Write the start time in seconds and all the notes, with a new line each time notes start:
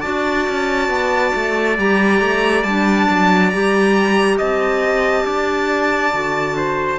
0.00 D4 F#4 D5 A5
0.48 C#4
0.89 B3
1.35 A3
1.78 G3 G4 A#5
2.21 A3
2.63 G3 D4 A5
3.10 F#3
3.50 G3 G4 A#5
4.38 C4 D#5 A5
5.24 D4 D5
6.12 D3 F#4
6.57 C5